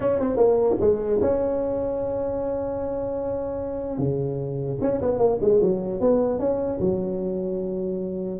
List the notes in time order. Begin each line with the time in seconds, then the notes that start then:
0.00 C#4
0.19 C4
0.36 A#3
0.80 G#3
1.21 C#4
3.98 C#3
4.81 C#4
5.01 B3
5.18 A#3
5.41 G#3
5.61 F#3
6.00 B3
6.39 C#4
6.80 F#3